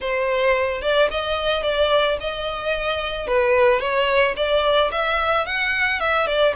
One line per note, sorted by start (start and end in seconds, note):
0.00 0.81 C5
0.81 1.08 D5
1.10 1.62 D#5
1.62 2.17 D5
2.20 3.27 D#5
3.27 3.80 B4
3.80 4.34 C#5
4.36 4.90 D5
4.91 5.45 E5
5.45 6.00 F#5
6.00 6.27 E5
6.27 6.54 D5